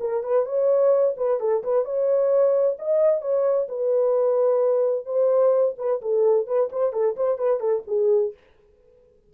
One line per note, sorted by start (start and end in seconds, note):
0.00 0.23 A#4
0.23 0.46 B4
0.46 1.15 C#5
1.17 1.40 B4
1.40 1.63 A4
1.63 1.85 B4
1.85 2.77 C#5
2.79 3.21 D#5
3.21 3.68 C#5
3.69 5.06 B4
5.06 5.75 C5
5.78 6.01 B4
6.02 6.47 A4
6.47 6.70 B4
6.72 6.93 C5
6.93 7.16 A4
7.16 7.38 C5
7.38 7.60 B4
7.60 7.83 A4
7.88 8.34 G#4